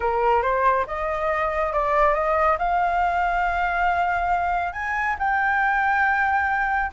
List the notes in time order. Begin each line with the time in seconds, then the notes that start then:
0.00 A#4
0.42 C5
0.86 D#5
1.72 D5
2.14 D#5
2.58 F5
4.73 G#5
5.19 G5